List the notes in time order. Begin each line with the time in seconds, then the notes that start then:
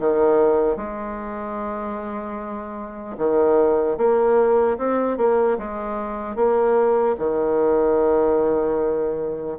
0.00 D#3
0.77 G#3
3.18 D#3
3.98 A#3
4.78 C4
5.18 A#3
5.59 G#3
6.36 A#3
7.19 D#3